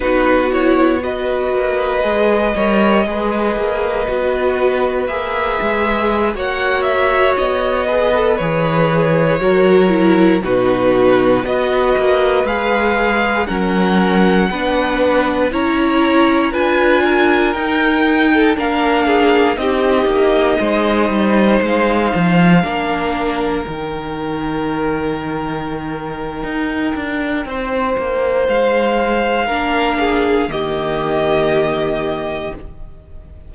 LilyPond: <<
  \new Staff \with { instrumentName = "violin" } { \time 4/4 \tempo 4 = 59 b'8 cis''8 dis''2.~ | dis''4 e''4~ e''16 fis''8 e''8 dis''8.~ | dis''16 cis''2 b'4 dis''8.~ | dis''16 f''4 fis''2 ais''8.~ |
ais''16 gis''4 g''4 f''4 dis''8.~ | dis''4~ dis''16 f''2 g''8.~ | g''1 | f''2 dis''2 | }
  \new Staff \with { instrumentName = "violin" } { \time 4/4 fis'4 b'4. cis''8 b'4~ | b'2~ b'16 cis''4. b'16~ | b'4~ b'16 ais'4 fis'4 b'8.~ | b'4~ b'16 ais'4 b'4 cis''8.~ |
cis''16 b'8 ais'4~ ais'16 a'16 ais'8 gis'8 g'8.~ | g'16 c''2 ais'4.~ ais'16~ | ais'2. c''4~ | c''4 ais'8 gis'8 g'2 | }
  \new Staff \with { instrumentName = "viola" } { \time 4/4 dis'8 e'8 fis'4 gis'8 ais'8 gis'4 | fis'4 gis'4~ gis'16 fis'4. gis'16 | a'16 gis'4 fis'8 e'8 dis'4 fis'8.~ | fis'16 gis'4 cis'4 d'4 e'8.~ |
e'16 f'4 dis'4 d'4 dis'8.~ | dis'2~ dis'16 d'4 dis'8.~ | dis'1~ | dis'4 d'4 ais2 | }
  \new Staff \with { instrumentName = "cello" } { \time 4/4 b4. ais8 gis8 g8 gis8 ais8 | b4 ais8 gis8. ais4 b8.~ | b16 e4 fis4 b,4 b8 ais16~ | ais16 gis4 fis4 b4 cis'8.~ |
cis'16 d'4 dis'4 ais4 c'8 ais16~ | ais16 gis8 g8 gis8 f8 ais4 dis8.~ | dis2 dis'8 d'8 c'8 ais8 | gis4 ais4 dis2 | }
>>